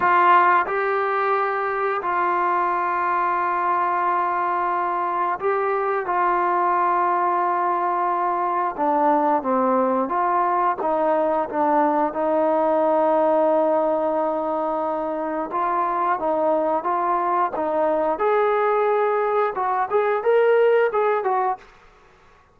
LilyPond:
\new Staff \with { instrumentName = "trombone" } { \time 4/4 \tempo 4 = 89 f'4 g'2 f'4~ | f'1 | g'4 f'2.~ | f'4 d'4 c'4 f'4 |
dis'4 d'4 dis'2~ | dis'2. f'4 | dis'4 f'4 dis'4 gis'4~ | gis'4 fis'8 gis'8 ais'4 gis'8 fis'8 | }